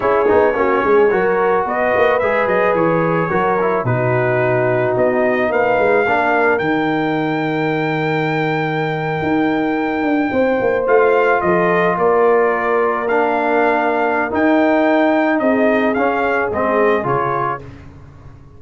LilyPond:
<<
  \new Staff \with { instrumentName = "trumpet" } { \time 4/4 \tempo 4 = 109 cis''2. dis''4 | e''8 dis''8 cis''2 b'4~ | b'4 dis''4 f''2 | g''1~ |
g''2.~ g''8. f''16~ | f''8. dis''4 d''2 f''16~ | f''2 g''2 | dis''4 f''4 dis''4 cis''4 | }
  \new Staff \with { instrumentName = "horn" } { \time 4/4 gis'4 fis'8 gis'8 ais'4 b'4~ | b'2 ais'4 fis'4~ | fis'2 b'4 ais'4~ | ais'1~ |
ais'2~ ais'8. c''4~ c''16~ | c''8. a'4 ais'2~ ais'16~ | ais'1 | gis'1 | }
  \new Staff \with { instrumentName = "trombone" } { \time 4/4 e'8 dis'8 cis'4 fis'2 | gis'2 fis'8 e'8 dis'4~ | dis'2. d'4 | dis'1~ |
dis'2.~ dis'8. f'16~ | f'2.~ f'8. d'16~ | d'2 dis'2~ | dis'4 cis'4 c'4 f'4 | }
  \new Staff \with { instrumentName = "tuba" } { \time 4/4 cis'8 b8 ais8 gis8 fis4 b8 ais8 | gis8 fis8 e4 fis4 b,4~ | b,4 b4 ais8 gis8 ais4 | dis1~ |
dis8. dis'4. d'8 c'8 ais8 a16~ | a8. f4 ais2~ ais16~ | ais2 dis'2 | c'4 cis'4 gis4 cis4 | }
>>